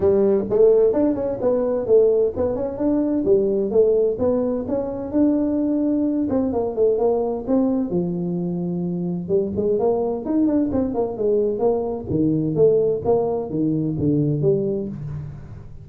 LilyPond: \new Staff \with { instrumentName = "tuba" } { \time 4/4 \tempo 4 = 129 g4 a4 d'8 cis'8 b4 | a4 b8 cis'8 d'4 g4 | a4 b4 cis'4 d'4~ | d'4. c'8 ais8 a8 ais4 |
c'4 f2. | g8 gis8 ais4 dis'8 d'8 c'8 ais8 | gis4 ais4 dis4 a4 | ais4 dis4 d4 g4 | }